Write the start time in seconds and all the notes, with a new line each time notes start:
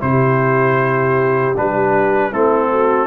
0.00 C3 E4 G4 C5
1.56 G3 D4 B4
2.30 A3 C4 E4 A4
2.71 F#4